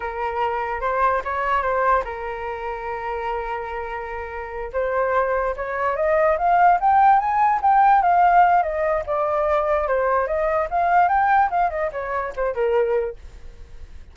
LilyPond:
\new Staff \with { instrumentName = "flute" } { \time 4/4 \tempo 4 = 146 ais'2 c''4 cis''4 | c''4 ais'2.~ | ais'2.~ ais'8 c''8~ | c''4. cis''4 dis''4 f''8~ |
f''8 g''4 gis''4 g''4 f''8~ | f''4 dis''4 d''2 | c''4 dis''4 f''4 g''4 | f''8 dis''8 cis''4 c''8 ais'4. | }